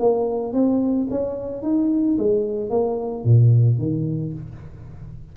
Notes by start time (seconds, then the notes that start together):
0.00 A#3
0.54 C4
1.11 C#4
1.63 D#4
2.19 G#3
2.70 A#3
3.25 A#2
3.79 D#3